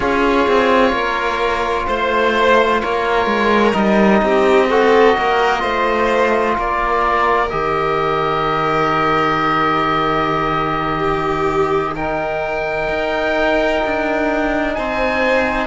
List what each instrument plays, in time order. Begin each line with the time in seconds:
0.00 cello C#4, trombone F4, violin G#4, oboe C#5
0.47 cello C4
0.92 cello A#3, violin A#4
1.87 cello A3, oboe C5, violin C5
2.80 cello A#3, violin A#4, oboe C#5
3.26 cello G#3
3.72 cello G3, trombone D#4, oboe D#5
4.22 cello C4, violin G4
4.69 trombone F#4, violin A4
5.18 cello A#3, violin A#4
5.59 cello A3, trombone F4, violin C5
6.57 cello A#3, violin A#4, oboe D5
7.49 cello D#3, trombone G4, oboe D#5
10.97 violin G4
11.94 trombone D#4, violin A#4, oboe G5
12.88 cello D#4
13.85 cello D4
14.74 cello C4, violin C5, oboe G#5